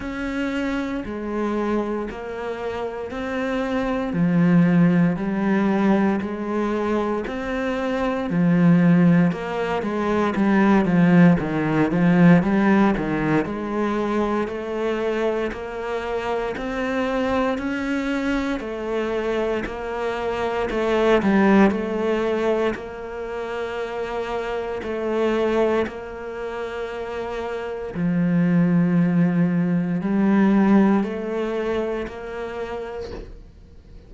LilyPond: \new Staff \with { instrumentName = "cello" } { \time 4/4 \tempo 4 = 58 cis'4 gis4 ais4 c'4 | f4 g4 gis4 c'4 | f4 ais8 gis8 g8 f8 dis8 f8 | g8 dis8 gis4 a4 ais4 |
c'4 cis'4 a4 ais4 | a8 g8 a4 ais2 | a4 ais2 f4~ | f4 g4 a4 ais4 | }